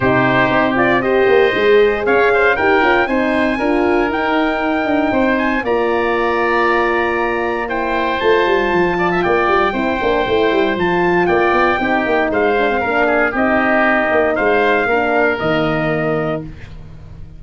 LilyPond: <<
  \new Staff \with { instrumentName = "trumpet" } { \time 4/4 \tempo 4 = 117 c''4. d''8 dis''2 | f''4 g''4 gis''2 | g''2~ g''8 gis''8 ais''4~ | ais''2. g''4 |
a''2 g''2~ | g''4 a''4 g''2 | f''2 dis''2 | f''2 dis''2 | }
  \new Staff \with { instrumentName = "oboe" } { \time 4/4 g'2 c''2 | cis''8 c''8 ais'4 c''4 ais'4~ | ais'2 c''4 d''4~ | d''2. c''4~ |
c''4. d''16 e''16 d''4 c''4~ | c''2 d''4 g'4 | c''4 ais'8 gis'8 g'2 | c''4 ais'2. | }
  \new Staff \with { instrumentName = "horn" } { \time 4/4 dis'4. f'8 g'4 gis'4~ | gis'4 g'8 f'8 dis'4 f'4 | dis'2. f'4~ | f'2. e'4 |
f'2. e'8 d'8 | e'4 f'2 dis'4~ | dis'8 d'16 c'16 d'4 dis'2~ | dis'4 d'4 ais2 | }
  \new Staff \with { instrumentName = "tuba" } { \time 4/4 c4 c'4. ais8 gis4 | cis'4 dis'8 cis'8 c'4 d'4 | dis'4. d'8 c'4 ais4~ | ais1 |
a8 g8 f4 ais8 g8 c'8 ais8 | a8 g8 f4 ais8 b8 c'8 ais8 | gis4 ais4 c'4. ais8 | gis4 ais4 dis2 | }
>>